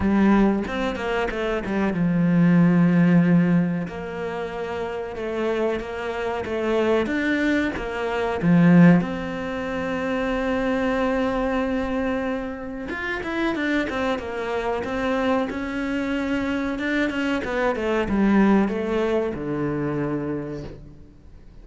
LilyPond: \new Staff \with { instrumentName = "cello" } { \time 4/4 \tempo 4 = 93 g4 c'8 ais8 a8 g8 f4~ | f2 ais2 | a4 ais4 a4 d'4 | ais4 f4 c'2~ |
c'1 | f'8 e'8 d'8 c'8 ais4 c'4 | cis'2 d'8 cis'8 b8 a8 | g4 a4 d2 | }